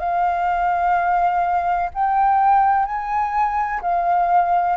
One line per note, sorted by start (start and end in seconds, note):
0.00 1.90 F5
1.94 2.86 G5
2.86 3.81 G#5
3.82 4.77 F5